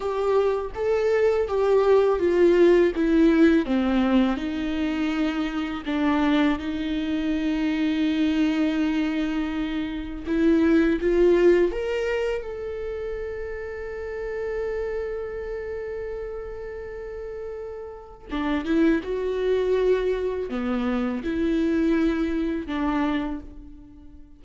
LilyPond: \new Staff \with { instrumentName = "viola" } { \time 4/4 \tempo 4 = 82 g'4 a'4 g'4 f'4 | e'4 c'4 dis'2 | d'4 dis'2.~ | dis'2 e'4 f'4 |
ais'4 a'2.~ | a'1~ | a'4 d'8 e'8 fis'2 | b4 e'2 d'4 | }